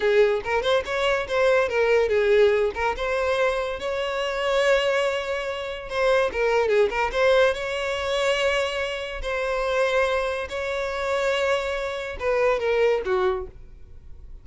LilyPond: \new Staff \with { instrumentName = "violin" } { \time 4/4 \tempo 4 = 143 gis'4 ais'8 c''8 cis''4 c''4 | ais'4 gis'4. ais'8 c''4~ | c''4 cis''2.~ | cis''2 c''4 ais'4 |
gis'8 ais'8 c''4 cis''2~ | cis''2 c''2~ | c''4 cis''2.~ | cis''4 b'4 ais'4 fis'4 | }